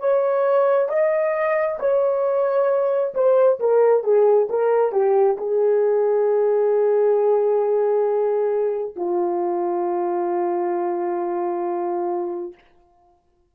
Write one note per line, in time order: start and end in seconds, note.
0.00 0.89 C#5
0.89 1.78 D#5
1.80 3.14 C#5
3.14 3.59 C5
3.60 4.04 A#4
4.04 4.49 G#4
4.49 4.92 A#4
4.92 5.37 G4
5.38 8.96 G#4
8.96 12.54 F4